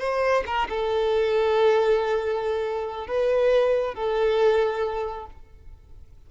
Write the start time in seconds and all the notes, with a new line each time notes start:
0.00 C5
0.47 A#4
0.69 A4
3.07 B4
3.95 A4